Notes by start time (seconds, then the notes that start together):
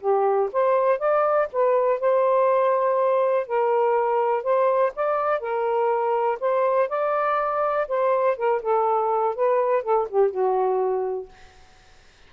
0.00 G4
0.52 C5
0.98 D5
1.52 B4
2.00 C5
3.46 A#4
4.43 C5
4.95 D5
5.40 A#4
6.40 C5
6.89 D5
7.88 C5
8.37 A#4
8.62 A4
9.35 B4
9.82 A4
10.09 G4
10.30 F#4